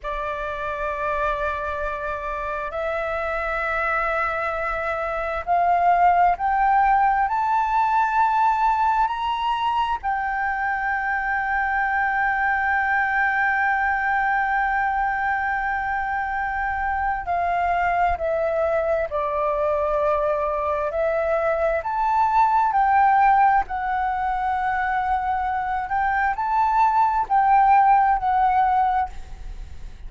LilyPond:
\new Staff \with { instrumentName = "flute" } { \time 4/4 \tempo 4 = 66 d''2. e''4~ | e''2 f''4 g''4 | a''2 ais''4 g''4~ | g''1~ |
g''2. f''4 | e''4 d''2 e''4 | a''4 g''4 fis''2~ | fis''8 g''8 a''4 g''4 fis''4 | }